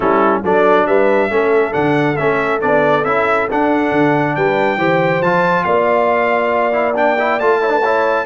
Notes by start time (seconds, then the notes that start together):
0.00 G3 C#4 E4 A4
0.43 F#3 D4 A4 D5
0.86 G3 B4 E5
1.30 A3 C#4 A4
1.72 D3 D4 F#5
2.16 A3 C#4 E5
2.61 B3 D4 D5
3.04 C#4 E4 E5
3.50 D4 F#5
3.91 D3
4.35 G3 B4 G5
4.77 E3 G4 C5
5.20 F3 F4 A5
5.64 A#3 D5 F5
6.72 E4
6.95 D4 G5
7.18 E4
7.39 A3 F4 A5
7.61 E4 C#5
7.69 D4 B4
7.82 E4 C#5